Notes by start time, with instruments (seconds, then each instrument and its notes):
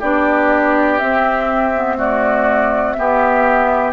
0.00 bassoon B3, clarinet D4, oboe G4, flute D5
0.99 clarinet C4, bassoon C4, flute E5
1.74 clarinet B3
1.96 clarinet A3, oboe F#4, flute D5
2.93 clarinet B3, bassoon B3, oboe G4, flute E5